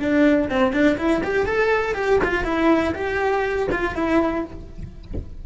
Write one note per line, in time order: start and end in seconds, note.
0.00 0.49 D4
0.50 0.73 C4
0.73 0.98 D4
0.98 1.23 E4
1.24 1.46 G4
1.46 1.95 A4
1.95 2.20 G4
2.24 2.45 F4
2.45 2.94 E4
2.95 3.69 G4
3.72 3.95 F4
3.95 4.44 E4